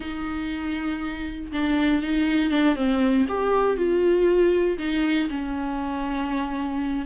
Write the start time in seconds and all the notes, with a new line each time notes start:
0.00 D#4
1.52 D4
2.02 D#4
2.50 D4
2.75 C4
3.28 G4
3.77 F4
4.78 D#4
5.29 C#4